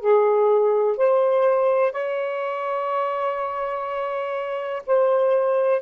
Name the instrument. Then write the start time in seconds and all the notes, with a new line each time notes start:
saxophone
0.00 G#4
0.97 C5
1.92 C#5
4.86 C5